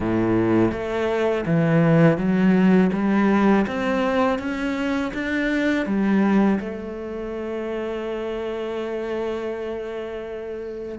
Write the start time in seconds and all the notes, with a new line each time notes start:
0.00 A2
0.71 A3
1.45 E3
2.17 F#3
2.93 G3
3.67 C4
4.38 C#4
5.13 D4
5.85 G3
6.60 A3